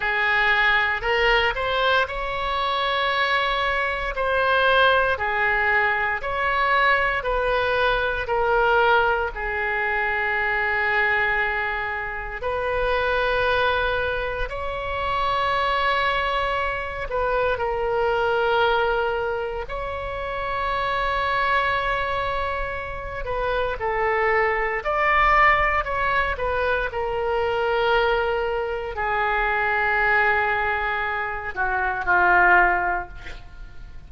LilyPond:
\new Staff \with { instrumentName = "oboe" } { \time 4/4 \tempo 4 = 58 gis'4 ais'8 c''8 cis''2 | c''4 gis'4 cis''4 b'4 | ais'4 gis'2. | b'2 cis''2~ |
cis''8 b'8 ais'2 cis''4~ | cis''2~ cis''8 b'8 a'4 | d''4 cis''8 b'8 ais'2 | gis'2~ gis'8 fis'8 f'4 | }